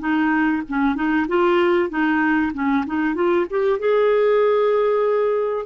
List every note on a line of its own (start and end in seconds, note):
0.00 0.62 D#4
0.69 0.95 C#4
0.95 1.27 D#4
1.28 1.90 F4
1.90 2.52 D#4
2.54 2.85 C#4
2.87 3.15 D#4
3.15 3.46 F4
3.50 3.80 G4
3.80 5.66 G#4